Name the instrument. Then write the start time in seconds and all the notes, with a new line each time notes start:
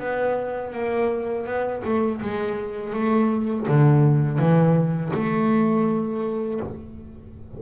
double bass
0.00 B3
0.73 A#3
1.46 B3
1.85 A3
2.22 G#3
2.94 A3
3.69 D3
4.39 E3
5.14 A3